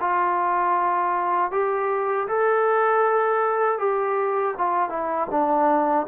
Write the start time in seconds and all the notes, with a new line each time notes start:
0.00 F4
1.51 G4
2.28 A4
3.79 G4
4.57 F4
4.89 E4
5.31 D4